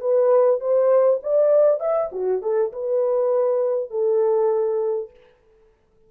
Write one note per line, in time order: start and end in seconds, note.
0.00 0.60 B4
0.60 1.20 C5
1.22 1.80 D5
1.80 2.10 E5
2.12 2.42 F#4
2.42 2.72 A4
2.72 3.90 B4
3.90 5.10 A4